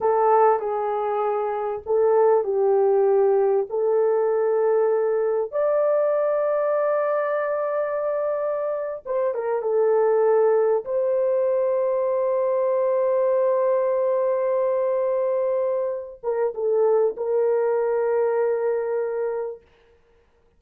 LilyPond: \new Staff \with { instrumentName = "horn" } { \time 4/4 \tempo 4 = 98 a'4 gis'2 a'4 | g'2 a'2~ | a'4 d''2.~ | d''2~ d''8. c''8 ais'8 a'16~ |
a'4.~ a'16 c''2~ c''16~ | c''1~ | c''2~ c''8 ais'8 a'4 | ais'1 | }